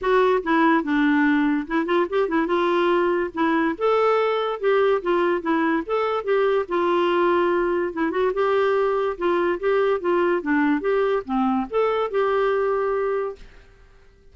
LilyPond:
\new Staff \with { instrumentName = "clarinet" } { \time 4/4 \tempo 4 = 144 fis'4 e'4 d'2 | e'8 f'8 g'8 e'8 f'2 | e'4 a'2 g'4 | f'4 e'4 a'4 g'4 |
f'2. e'8 fis'8 | g'2 f'4 g'4 | f'4 d'4 g'4 c'4 | a'4 g'2. | }